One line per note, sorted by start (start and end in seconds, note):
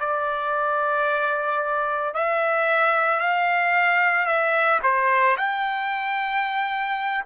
0.00 2.14 D5
2.14 3.20 E5
3.20 4.26 F5
4.26 4.80 E5
4.83 5.37 C5
5.37 7.25 G5